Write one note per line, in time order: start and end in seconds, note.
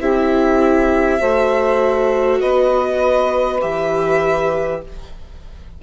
0.00 1.20 C4
0.00 1.20 E4
0.00 1.20 G4
0.00 2.41 E5
1.20 2.41 A3
1.20 3.60 F#4
1.20 2.40 C5
2.40 3.62 B3
2.40 4.80 B4
2.40 3.61 D#5
3.60 4.83 E3
3.60 4.80 G4
3.60 4.81 E5